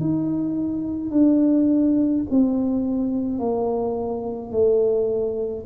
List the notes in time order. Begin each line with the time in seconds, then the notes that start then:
0.00 D#4
1.11 D4
2.30 C4
3.39 A#3
4.51 A3